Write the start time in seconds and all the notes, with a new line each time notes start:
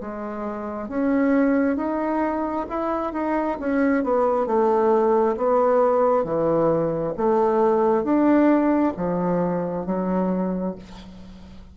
0.00 G#3
0.88 C#4
1.76 D#4
2.69 E4
3.13 D#4
3.59 C#4
4.03 B3
4.46 A3
5.36 B3
6.24 E3
7.17 A3
8.04 D4
8.96 F3
9.85 F#3